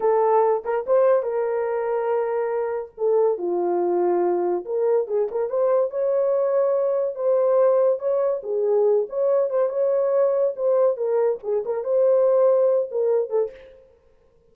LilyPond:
\new Staff \with { instrumentName = "horn" } { \time 4/4 \tempo 4 = 142 a'4. ais'8 c''4 ais'4~ | ais'2. a'4 | f'2. ais'4 | gis'8 ais'8 c''4 cis''2~ |
cis''4 c''2 cis''4 | gis'4. cis''4 c''8 cis''4~ | cis''4 c''4 ais'4 gis'8 ais'8 | c''2~ c''8 ais'4 a'8 | }